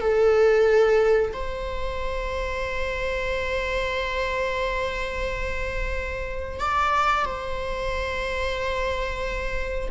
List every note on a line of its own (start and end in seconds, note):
0.00 1.32 A4
1.33 6.60 C5
6.60 7.25 D5
7.25 9.89 C5